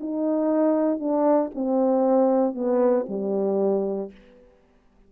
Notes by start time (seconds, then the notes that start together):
0.00 D#4
0.99 D4
1.55 C4
2.55 B3
3.09 G3